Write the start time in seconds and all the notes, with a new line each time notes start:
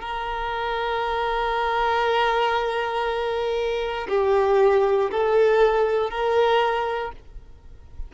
0.00 A#4
4.08 G4
5.10 A4
6.10 A#4